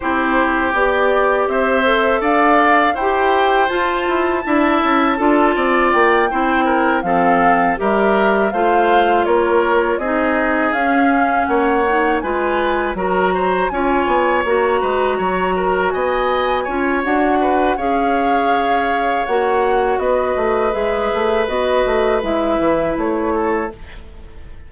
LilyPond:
<<
  \new Staff \with { instrumentName = "flute" } { \time 4/4 \tempo 4 = 81 c''4 d''4 e''4 f''4 | g''4 a''2. | g''4. f''4 e''4 f''8~ | f''8 cis''4 dis''4 f''4 fis''8~ |
fis''8 gis''4 ais''4 gis''4 ais''8~ | ais''4. gis''4. fis''4 | f''2 fis''4 dis''4 | e''4 dis''4 e''4 cis''4 | }
  \new Staff \with { instrumentName = "oboe" } { \time 4/4 g'2 c''4 d''4 | c''2 e''4 a'8 d''8~ | d''8 c''8 ais'8 a'4 ais'4 c''8~ | c''8 ais'4 gis'2 cis''8~ |
cis''8 b'4 ais'8 c''8 cis''4. | b'8 cis''8 ais'8 dis''4 cis''4 b'8 | cis''2. b'4~ | b'2.~ b'8 a'8 | }
  \new Staff \with { instrumentName = "clarinet" } { \time 4/4 e'4 g'4. a'4. | g'4 f'4 e'4 f'4~ | f'8 e'4 c'4 g'4 f'8~ | f'4. dis'4 cis'4. |
dis'8 f'4 fis'4 f'4 fis'8~ | fis'2~ fis'8 f'8 fis'4 | gis'2 fis'2 | gis'4 fis'4 e'2 | }
  \new Staff \with { instrumentName = "bassoon" } { \time 4/4 c'4 b4 c'4 d'4 | e'4 f'8 e'8 d'8 cis'8 d'8 c'8 | ais8 c'4 f4 g4 a8~ | a8 ais4 c'4 cis'4 ais8~ |
ais8 gis4 fis4 cis'8 b8 ais8 | gis8 fis4 b4 cis'8 d'4 | cis'2 ais4 b8 a8 | gis8 a8 b8 a8 gis8 e8 a4 | }
>>